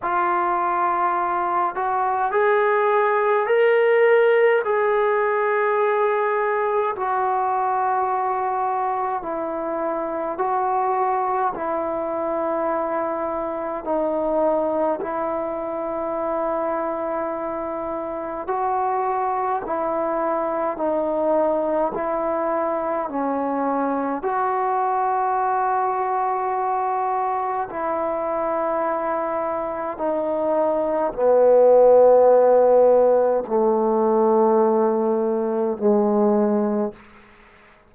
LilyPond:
\new Staff \with { instrumentName = "trombone" } { \time 4/4 \tempo 4 = 52 f'4. fis'8 gis'4 ais'4 | gis'2 fis'2 | e'4 fis'4 e'2 | dis'4 e'2. |
fis'4 e'4 dis'4 e'4 | cis'4 fis'2. | e'2 dis'4 b4~ | b4 a2 gis4 | }